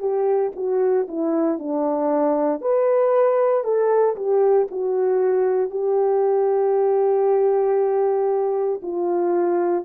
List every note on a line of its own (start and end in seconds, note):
0.00 0.52 G4
0.56 1.08 F#4
1.09 1.59 E4
1.59 2.61 D4
2.61 3.64 B4
3.64 4.16 A4
4.17 4.68 G4
4.71 5.71 F#4
5.71 8.81 G4
8.83 9.85 F4